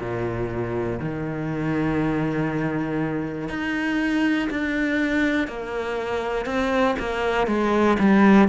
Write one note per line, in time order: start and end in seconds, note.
0.00 1.00 A#2
1.00 3.49 D#3
3.49 4.49 D#4
4.50 5.48 D4
5.48 6.46 A#3
6.46 6.96 C4
6.99 7.47 A#3
7.47 7.97 G#3
8.00 8.49 G3